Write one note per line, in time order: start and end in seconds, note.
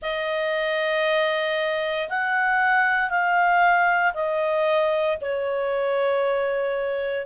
0.01 2.08 D#5
2.09 3.09 F#5
3.09 4.13 F5
4.14 5.17 D#5
5.21 7.26 C#5